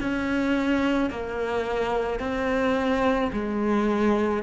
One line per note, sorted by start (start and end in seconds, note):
0.00 1.10 C#4
1.10 2.19 A#3
2.19 3.30 C4
3.32 4.43 G#3